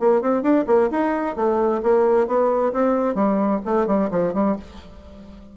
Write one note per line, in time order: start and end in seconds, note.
0.00 0.22 A#3
0.22 0.43 C4
0.43 0.65 D4
0.67 0.90 A#3
0.91 1.36 D#4
1.36 1.81 A3
1.83 2.27 A#3
2.27 2.73 B3
2.73 3.15 C4
3.15 3.61 G3
3.65 3.87 A3
3.87 4.10 G3
4.11 4.34 F3
4.34 4.56 G3